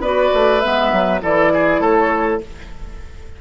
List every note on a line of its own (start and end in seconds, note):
0.00 0.30 B3
0.00 0.61 F#4
0.00 1.21 B4
0.00 0.60 D5
0.34 0.64 A3
0.60 0.92 G#3
0.60 1.21 B3
0.60 1.20 E5
0.92 1.22 F#3
1.21 1.80 E3
1.21 2.41 E4
1.21 1.52 A4
1.21 1.81 D5
1.54 1.81 G#4
1.80 2.40 A3
1.80 2.41 A4
1.80 2.41 C#5